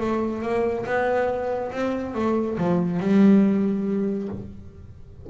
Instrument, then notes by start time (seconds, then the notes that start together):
double bass
0.00 A3
0.42 A#3
0.86 B3
1.72 C4
2.14 A3
2.57 F3
3.00 G3